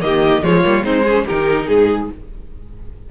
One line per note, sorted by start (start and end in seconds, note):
0.00 0.42 D#3
0.00 0.41 A#3
0.00 0.44 G4
0.00 0.43 D#5
0.42 0.64 F3
0.42 0.63 G#3
0.42 0.85 F4
0.42 0.84 C#5
0.63 0.83 G3
0.63 0.83 A#3
0.83 1.25 G#3
0.83 1.04 C4
0.83 1.04 D#4
0.83 1.25 C5
1.04 1.28 C#4
1.04 1.24 G#4
1.26 1.68 D#3
1.26 2.11 D#4
1.26 1.65 G4
1.26 1.68 A#4
1.65 2.09 G#2
1.65 2.07 G#4
1.65 2.10 G#4